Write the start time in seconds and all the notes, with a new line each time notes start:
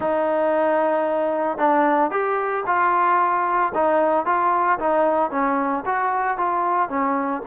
0.00 D#4
1.58 D4
2.10 G4
2.66 F4
3.74 D#4
4.25 F4
4.79 D#4
5.30 C#4
5.85 F#4
6.37 F4
6.89 C#4